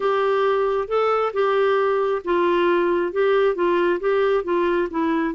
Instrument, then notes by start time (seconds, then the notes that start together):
clarinet
0.00 G4
0.87 A4
1.33 G4
2.24 F4
3.12 G4
3.55 F4
4.00 G4
4.44 F4
4.90 E4